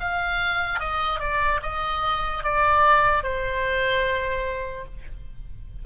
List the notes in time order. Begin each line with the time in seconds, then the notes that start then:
0.00 F5
0.80 D#5
1.20 D5
1.63 D#5
2.44 D5
3.23 C5